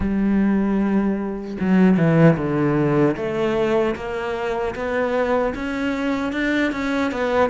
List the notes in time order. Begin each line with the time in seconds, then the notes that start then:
0.00 G3
1.60 F#3
1.97 E3
2.37 D3
3.16 A3
3.95 A#3
4.75 B3
5.54 C#4
6.32 D4
6.71 C#4
7.11 B3